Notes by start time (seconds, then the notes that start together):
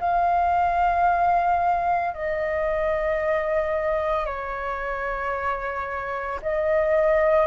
0.00 F5
2.14 D#5
4.26 C#5
6.42 D#5